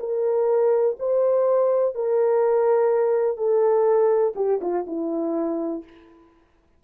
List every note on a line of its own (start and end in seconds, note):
0.00 0.97 A#4
0.99 1.95 C5
1.95 3.37 A#4
3.37 4.34 A4
4.36 4.60 G4
4.61 4.86 F4
4.87 5.84 E4